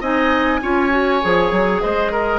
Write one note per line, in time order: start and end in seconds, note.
0.00 0.60 C4
0.00 0.61 D#4
0.00 0.60 D#5
0.00 1.80 G#5
0.62 1.23 C#4
0.62 0.90 F4
0.62 1.82 C#5
0.90 1.20 F#4
1.22 1.51 F3
1.22 2.39 G#4
1.51 1.81 F#3
1.80 2.39 G#3
1.80 2.11 C5
1.80 2.39 D#5
2.11 2.39 A#4